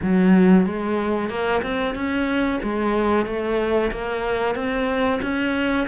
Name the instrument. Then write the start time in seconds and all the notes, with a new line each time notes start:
cello
0.02 F#3
0.66 G#3
1.29 A#3
1.62 C4
1.94 C#4
2.62 G#3
3.25 A3
3.91 A#3
4.55 C4
5.22 C#4